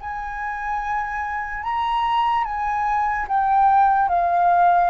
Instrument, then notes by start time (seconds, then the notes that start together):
flute
0.00 G#5
1.63 A#5
2.44 G#5
3.28 G5
4.08 F5